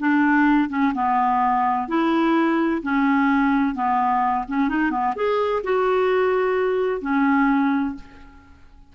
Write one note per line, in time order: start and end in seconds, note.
0.00 0.70 D4
0.70 0.93 C#4
0.95 1.89 B3
1.89 2.82 E4
2.83 3.75 C#4
3.75 4.46 B3
4.48 4.69 C#4
4.69 4.91 D#4
4.91 5.15 B3
5.16 5.63 G#4
5.64 7.02 F#4
7.02 7.96 C#4